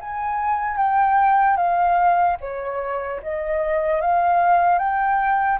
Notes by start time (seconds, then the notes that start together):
0.00 G#5
0.77 G5
1.57 F5
2.40 C#5
3.22 D#5
4.01 F5
4.79 G5